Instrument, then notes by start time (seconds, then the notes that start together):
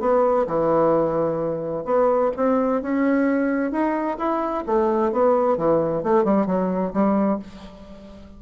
bassoon
0.00 B3
0.47 E3
1.85 B3
2.36 C4
2.82 C#4
3.71 D#4
4.18 E4
4.66 A3
5.12 B3
5.57 E3
6.03 A3
6.24 G3
6.46 F#3
6.93 G3